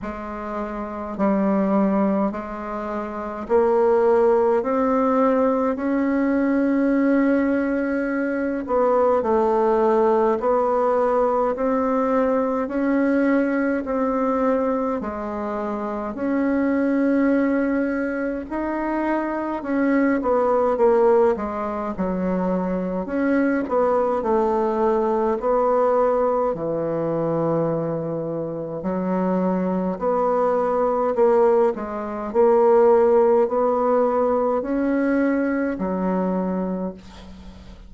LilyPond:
\new Staff \with { instrumentName = "bassoon" } { \time 4/4 \tempo 4 = 52 gis4 g4 gis4 ais4 | c'4 cis'2~ cis'8 b8 | a4 b4 c'4 cis'4 | c'4 gis4 cis'2 |
dis'4 cis'8 b8 ais8 gis8 fis4 | cis'8 b8 a4 b4 e4~ | e4 fis4 b4 ais8 gis8 | ais4 b4 cis'4 fis4 | }